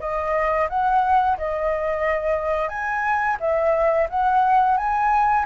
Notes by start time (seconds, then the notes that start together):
0.00 D#5
0.69 F#5
1.38 D#5
2.69 G#5
3.40 E5
4.10 F#5
4.77 G#5